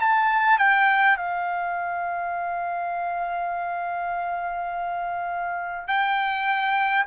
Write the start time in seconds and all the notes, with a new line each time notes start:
0.00 A5
0.59 G5
1.18 F5
5.88 G5